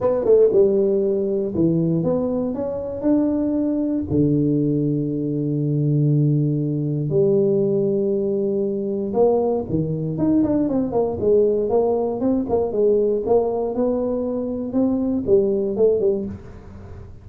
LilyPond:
\new Staff \with { instrumentName = "tuba" } { \time 4/4 \tempo 4 = 118 b8 a8 g2 e4 | b4 cis'4 d'2 | d1~ | d2 g2~ |
g2 ais4 dis4 | dis'8 d'8 c'8 ais8 gis4 ais4 | c'8 ais8 gis4 ais4 b4~ | b4 c'4 g4 a8 g8 | }